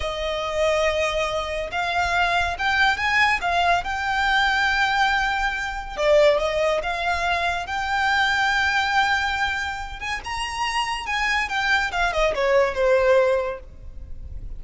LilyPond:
\new Staff \with { instrumentName = "violin" } { \time 4/4 \tempo 4 = 141 dis''1 | f''2 g''4 gis''4 | f''4 g''2.~ | g''2 d''4 dis''4 |
f''2 g''2~ | g''2.~ g''8 gis''8 | ais''2 gis''4 g''4 | f''8 dis''8 cis''4 c''2 | }